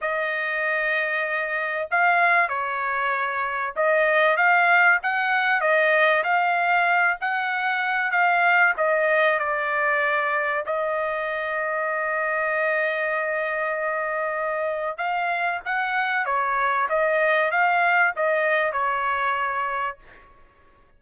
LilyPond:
\new Staff \with { instrumentName = "trumpet" } { \time 4/4 \tempo 4 = 96 dis''2. f''4 | cis''2 dis''4 f''4 | fis''4 dis''4 f''4. fis''8~ | fis''4 f''4 dis''4 d''4~ |
d''4 dis''2.~ | dis''1 | f''4 fis''4 cis''4 dis''4 | f''4 dis''4 cis''2 | }